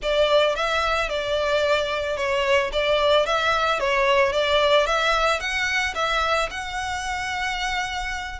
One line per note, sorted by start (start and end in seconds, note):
0.02 0.55 D5
0.55 1.09 E5
1.09 2.16 D5
2.16 2.70 C#5
2.72 3.26 D5
3.26 3.79 E5
3.79 4.32 C#5
4.32 4.86 D5
4.86 5.40 E5
5.40 5.94 F#5
5.95 6.49 E5
6.50 8.39 F#5